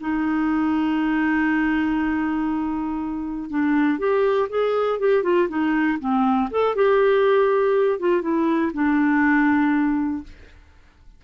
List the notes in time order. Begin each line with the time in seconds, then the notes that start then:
0.00 D#4
3.50 D4
3.99 G4
4.49 G#4
5.00 G4
5.23 F4
5.49 D#4
6.00 C4
6.51 A4
6.75 G4
7.99 F4
8.22 E4
8.73 D4